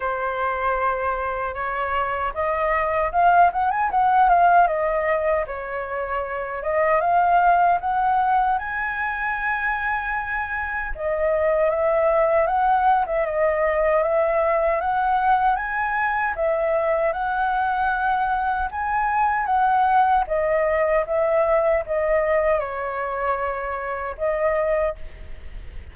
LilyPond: \new Staff \with { instrumentName = "flute" } { \time 4/4 \tempo 4 = 77 c''2 cis''4 dis''4 | f''8 fis''16 gis''16 fis''8 f''8 dis''4 cis''4~ | cis''8 dis''8 f''4 fis''4 gis''4~ | gis''2 dis''4 e''4 |
fis''8. e''16 dis''4 e''4 fis''4 | gis''4 e''4 fis''2 | gis''4 fis''4 dis''4 e''4 | dis''4 cis''2 dis''4 | }